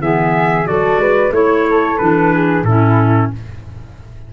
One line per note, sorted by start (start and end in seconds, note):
0.00 0.66 E3
0.00 0.65 B3
0.00 0.68 G#4
0.00 0.67 E5
0.65 0.97 F#3
0.65 1.31 F#4
0.65 1.00 A4
0.65 1.33 D5
0.97 1.30 G#3
0.97 1.33 B4
1.30 1.96 A3
1.30 1.98 E4
1.30 1.98 C#5
1.30 1.67 C#5
1.69 2.33 A4
1.98 2.63 E3
1.98 2.65 D4
1.98 2.64 B4
2.33 2.66 G#4
2.63 3.29 A2
2.63 3.33 C#4
2.63 3.32 E4
2.63 3.30 A4